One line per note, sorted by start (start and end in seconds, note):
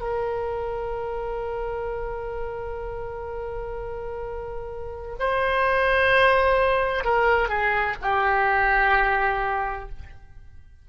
0.00 5.16 A#4
5.19 7.04 C5
7.04 7.48 A#4
7.48 7.95 G#4
8.01 9.89 G4